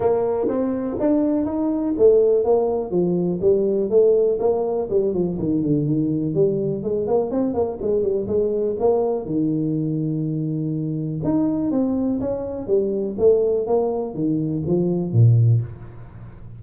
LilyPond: \new Staff \with { instrumentName = "tuba" } { \time 4/4 \tempo 4 = 123 ais4 c'4 d'4 dis'4 | a4 ais4 f4 g4 | a4 ais4 g8 f8 dis8 d8 | dis4 g4 gis8 ais8 c'8 ais8 |
gis8 g8 gis4 ais4 dis4~ | dis2. dis'4 | c'4 cis'4 g4 a4 | ais4 dis4 f4 ais,4 | }